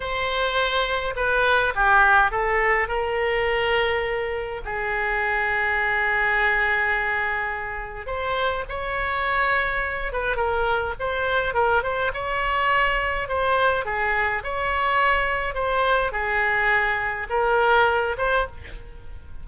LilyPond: \new Staff \with { instrumentName = "oboe" } { \time 4/4 \tempo 4 = 104 c''2 b'4 g'4 | a'4 ais'2. | gis'1~ | gis'2 c''4 cis''4~ |
cis''4. b'8 ais'4 c''4 | ais'8 c''8 cis''2 c''4 | gis'4 cis''2 c''4 | gis'2 ais'4. c''8 | }